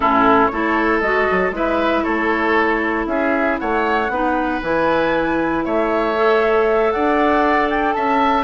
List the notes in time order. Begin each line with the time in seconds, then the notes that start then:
0.00 A2 C#4 E4 A4
0.46 A3 E4 A4 C#5
1.00 G#3 F#4 D#5
1.31 F#3
1.51 G#3 E4 B4 E5
2.03 A3 A4 C#5
3.06 C#4 G#4 E5
3.58 A3 C#5 F#5
4.09 B3 D#4 B4
4.62 E3 E4 G#5
5.64 A3 C#5 E5
6.16 A4
6.91 D4 D5 F#5
7.70 G5
7.93 C#4 E5 A5